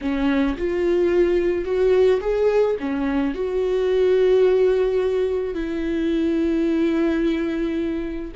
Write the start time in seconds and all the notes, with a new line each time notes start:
0.01 C#4
0.57 F4
1.64 F#4
2.20 G#4
2.79 C#4
3.34 F#4
5.54 E4